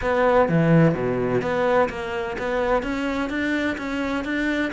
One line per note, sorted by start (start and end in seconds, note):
0.01 0.49 B3
0.49 0.94 E3
0.94 1.41 B2
1.41 1.88 B3
1.89 2.36 A#3
2.38 2.82 B3
2.82 3.29 C#4
3.29 3.76 D4
3.77 4.24 C#4
4.24 4.71 D4